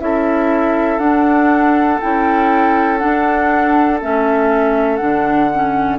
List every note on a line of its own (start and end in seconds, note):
0.00 0.98 C#4
0.00 1.00 E4
0.00 5.99 A4
0.00 0.99 E5
0.98 1.98 D4
0.98 2.00 D4
0.98 1.99 F#5
2.00 3.04 C#4
2.00 2.99 E4
2.00 2.98 G5
2.98 3.99 D4
2.98 4.02 D4
2.98 3.98 F#5
4.01 5.01 A3
4.01 5.00 C#4
4.01 4.96 E5
4.96 5.99 D3
4.96 5.50 D4
4.96 5.96 F#5
5.54 5.99 C#4